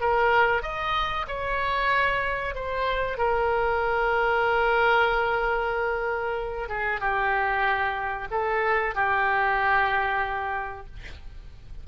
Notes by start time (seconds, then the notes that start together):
0.00 A#4
0.62 D#5
1.27 C#5
2.55 C5
3.18 A#4
6.69 G#4
7.00 G4
8.31 A4
8.95 G4